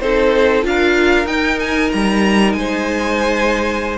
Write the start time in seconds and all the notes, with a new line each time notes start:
0.00 C4 D#4 A4 C5
0.62 D4 F4 A#4 F5
1.26 D#4 G5
1.59 G#5
1.92 G3 A#5
2.53 G#3 C5 G#5